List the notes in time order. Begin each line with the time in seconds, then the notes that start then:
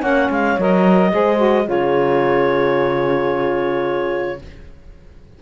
0.00 A#3 C#4 C#5 F#5
0.30 G#3 F5
0.58 F#3 A#4 D#5
1.11 G#3 G#4 C5
1.37 F#4
1.65 C#3 F4 G#4 C#5